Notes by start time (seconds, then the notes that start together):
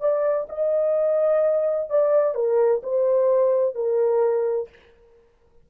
0.00 D5
0.49 D#5
1.89 D5
2.35 A#4
2.83 C5
3.75 A#4